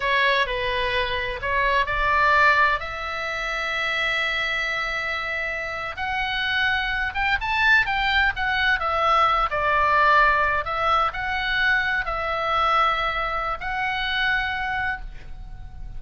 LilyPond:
\new Staff \with { instrumentName = "oboe" } { \time 4/4 \tempo 4 = 128 cis''4 b'2 cis''4 | d''2 e''2~ | e''1~ | e''8. fis''2~ fis''8 g''8 a''16~ |
a''8. g''4 fis''4 e''4~ e''16~ | e''16 d''2~ d''8 e''4 fis''16~ | fis''4.~ fis''16 e''2~ e''16~ | e''4 fis''2. | }